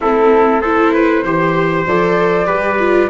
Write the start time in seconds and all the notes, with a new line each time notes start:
0.00 A3 C4 E4 A4
0.61 E4 A4 C5
0.92 B4
1.23 E3 G4 C5
1.87 F3 A4 D5
2.45 G3 G4 B4
2.79 F4